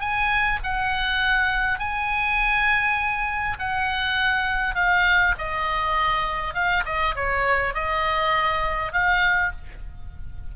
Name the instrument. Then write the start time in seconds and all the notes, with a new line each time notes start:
oboe
0.00 G#5
0.63 F#5
1.79 G#5
3.59 F#5
4.75 F5
5.38 D#5
6.54 F5
6.85 D#5
7.15 C#5
7.74 D#5
8.92 F5